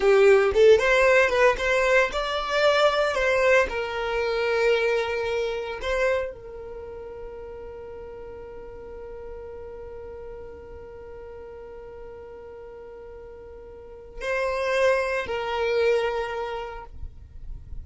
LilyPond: \new Staff \with { instrumentName = "violin" } { \time 4/4 \tempo 4 = 114 g'4 a'8 c''4 b'8 c''4 | d''2 c''4 ais'4~ | ais'2. c''4 | ais'1~ |
ais'1~ | ais'1~ | ais'2. c''4~ | c''4 ais'2. | }